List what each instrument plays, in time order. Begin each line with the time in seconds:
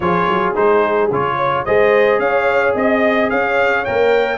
0.00 tuba F3, trombone F4, horn G#4, trumpet C#5
0.28 tuba F#3
0.54 tuba G#3, trombone D#4, trumpet C5
1.10 tuba C#3, trombone F4, trumpet C#5
1.36 horn C#5
1.65 tuba G#3, trombone G#4, horn C5, trumpet D#5
2.19 tuba C#4, horn C#5, trumpet F5
2.74 tuba C4, horn D#5, trumpet D#5
3.30 tuba C#4, horn C#5, trumpet F5
3.84 tuba A#3, trombone A#4, trumpet G5